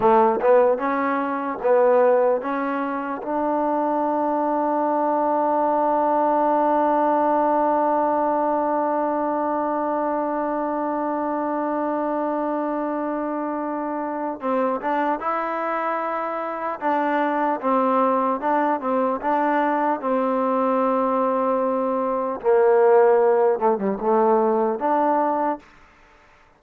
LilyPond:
\new Staff \with { instrumentName = "trombone" } { \time 4/4 \tempo 4 = 75 a8 b8 cis'4 b4 cis'4 | d'1~ | d'1~ | d'1~ |
d'2 c'8 d'8 e'4~ | e'4 d'4 c'4 d'8 c'8 | d'4 c'2. | ais4. a16 g16 a4 d'4 | }